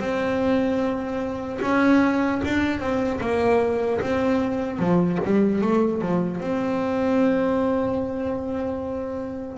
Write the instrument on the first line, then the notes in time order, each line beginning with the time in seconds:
double bass
0.00 C4
1.62 C#4
2.45 D4
2.80 C4
3.21 A#3
4.01 C4
4.79 F3
5.25 G3
5.62 A3
6.02 F3
6.41 C4